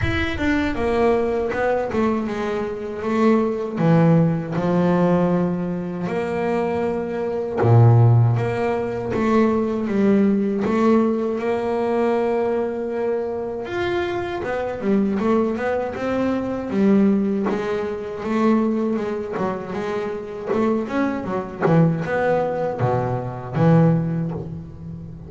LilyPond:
\new Staff \with { instrumentName = "double bass" } { \time 4/4 \tempo 4 = 79 e'8 d'8 ais4 b8 a8 gis4 | a4 e4 f2 | ais2 ais,4 ais4 | a4 g4 a4 ais4~ |
ais2 f'4 b8 g8 | a8 b8 c'4 g4 gis4 | a4 gis8 fis8 gis4 a8 cis'8 | fis8 e8 b4 b,4 e4 | }